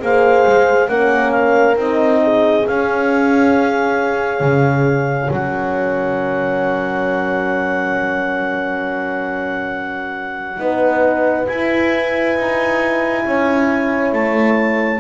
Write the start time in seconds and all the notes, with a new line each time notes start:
0.00 A#3 G#4 C5 F5
0.47 G#3
0.89 A#3 C#4 A#4 F#5
1.32 F5
1.76 C4 D#4 D#5
2.24 G#4
2.67 C#4 F5
4.41 C#3
5.31 F#3 A#4 F#5
10.57 B3 D#4 B4
11.46 E4 G#5
12.36 D#4
13.25 C#4 C#5
14.13 A3 A5